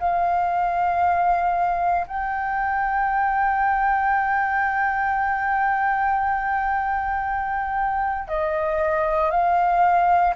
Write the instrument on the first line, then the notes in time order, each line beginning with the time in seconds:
flute
0.00 F5
2.07 G5
8.28 D#5
9.31 F5